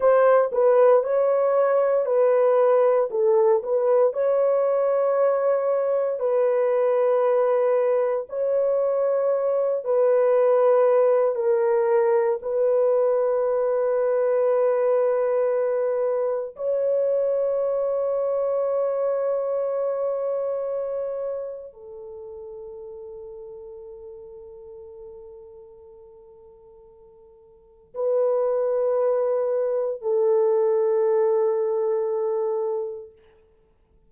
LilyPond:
\new Staff \with { instrumentName = "horn" } { \time 4/4 \tempo 4 = 58 c''8 b'8 cis''4 b'4 a'8 b'8 | cis''2 b'2 | cis''4. b'4. ais'4 | b'1 |
cis''1~ | cis''4 a'2.~ | a'2. b'4~ | b'4 a'2. | }